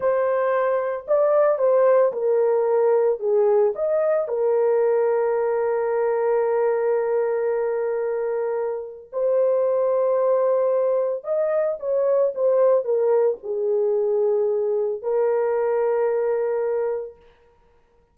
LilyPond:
\new Staff \with { instrumentName = "horn" } { \time 4/4 \tempo 4 = 112 c''2 d''4 c''4 | ais'2 gis'4 dis''4 | ais'1~ | ais'1~ |
ais'4 c''2.~ | c''4 dis''4 cis''4 c''4 | ais'4 gis'2. | ais'1 | }